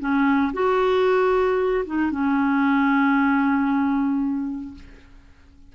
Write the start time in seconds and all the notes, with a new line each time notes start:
0.00 C#4
0.53 F#4
1.86 D#4
2.11 C#4